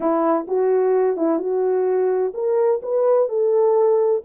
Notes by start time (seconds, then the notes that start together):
0.00 E4
0.47 F#4
1.16 E4
1.38 F#4
2.34 A#4
2.82 B4
3.28 A4